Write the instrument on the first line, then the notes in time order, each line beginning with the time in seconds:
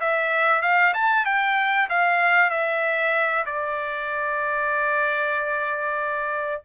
trumpet
0.00 E5
0.62 F5
0.94 A5
1.25 G5
1.89 F5
2.50 E5
3.46 D5